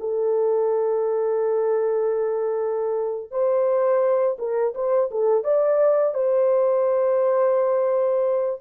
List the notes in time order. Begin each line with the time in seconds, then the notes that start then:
0.00 A4
3.31 C5
4.39 A#4
4.75 C5
5.11 A4
5.44 D5
6.14 C5